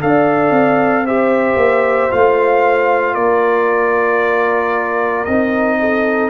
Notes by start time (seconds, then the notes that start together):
0.00 D4 A4 D5 F5
0.50 C4
1.05 G4 C5 E5
1.56 A#3
2.11 A3 F4 F5
3.14 A#3 A#4 D5
5.25 C4 D#4 D#5
5.80 A4